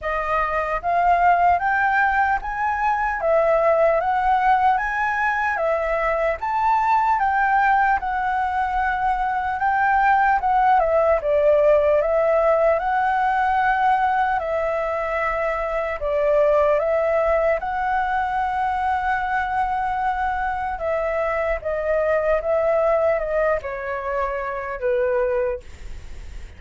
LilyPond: \new Staff \with { instrumentName = "flute" } { \time 4/4 \tempo 4 = 75 dis''4 f''4 g''4 gis''4 | e''4 fis''4 gis''4 e''4 | a''4 g''4 fis''2 | g''4 fis''8 e''8 d''4 e''4 |
fis''2 e''2 | d''4 e''4 fis''2~ | fis''2 e''4 dis''4 | e''4 dis''8 cis''4. b'4 | }